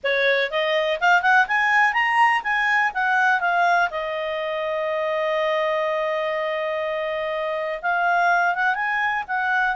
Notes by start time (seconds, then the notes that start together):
0.03 C#5
0.50 D#5
1.00 F5
1.22 F#5
1.47 G#5
1.93 A#5
2.43 G#5
2.94 F#5
3.40 F5
3.90 D#5
7.82 F5
8.55 F#5
8.74 G#5
9.27 F#5